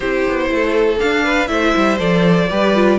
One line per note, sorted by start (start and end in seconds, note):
0.00 0.24 C4
0.00 0.97 E4
0.00 0.47 G4
0.00 0.98 C5
0.28 0.50 B3
0.50 1.00 A3
0.50 1.24 A4
0.97 1.47 D4
0.97 1.48 D4
0.97 1.47 F5
1.24 1.49 B4
1.47 1.73 A3
1.47 1.97 E4
1.47 2.49 C5
1.47 1.97 E5
1.75 2.00 G3
1.98 2.50 F3
1.98 2.48 A4
1.98 2.99 D5
2.49 2.99 G3
2.49 2.74 G4
2.49 2.99 B4
2.74 2.99 F4